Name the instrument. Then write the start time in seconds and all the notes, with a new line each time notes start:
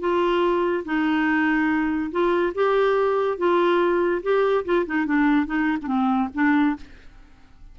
clarinet
0.00 F4
0.85 D#4
2.12 F4
2.55 G4
3.38 F4
4.23 G4
4.65 F4
4.87 D#4
5.06 D4
5.47 D#4
5.82 C4 D4
6.35 D4